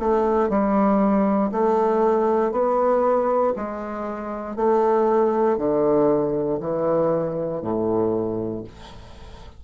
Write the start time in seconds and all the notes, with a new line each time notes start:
0.00 A3
0.49 G3
1.52 A3
2.52 B3
3.56 G#3
4.56 A3
5.58 D3
6.60 E3
7.62 A2